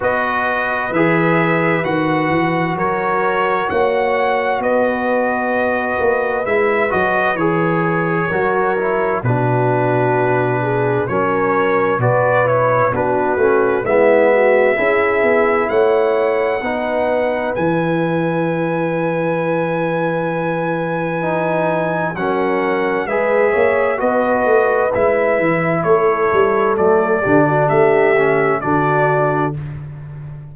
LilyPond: <<
  \new Staff \with { instrumentName = "trumpet" } { \time 4/4 \tempo 4 = 65 dis''4 e''4 fis''4 cis''4 | fis''4 dis''2 e''8 dis''8 | cis''2 b'2 | cis''4 d''8 cis''8 b'4 e''4~ |
e''4 fis''2 gis''4~ | gis''1 | fis''4 e''4 dis''4 e''4 | cis''4 d''4 e''4 d''4 | }
  \new Staff \with { instrumentName = "horn" } { \time 4/4 b'2. ais'4 | cis''4 b'2.~ | b'4 ais'4 fis'4. gis'8 | ais'4 b'4 fis'4 e'8 fis'8 |
gis'4 cis''4 b'2~ | b'1 | ais'4 b'8 cis''8 b'2 | a'4. g'16 fis'16 g'4 fis'4 | }
  \new Staff \with { instrumentName = "trombone" } { \time 4/4 fis'4 gis'4 fis'2~ | fis'2. e'8 fis'8 | gis'4 fis'8 e'8 d'2 | cis'4 fis'8 e'8 d'8 cis'8 b4 |
e'2 dis'4 e'4~ | e'2. dis'4 | cis'4 gis'4 fis'4 e'4~ | e'4 a8 d'4 cis'8 d'4 | }
  \new Staff \with { instrumentName = "tuba" } { \time 4/4 b4 e4 dis8 e8 fis4 | ais4 b4. ais8 gis8 fis8 | e4 fis4 b,2 | fis4 b,4 b8 a8 gis4 |
cis'8 b8 a4 b4 e4~ | e1 | fis4 gis8 ais8 b8 a8 gis8 e8 | a8 g8 fis8 d8 a4 d4 | }
>>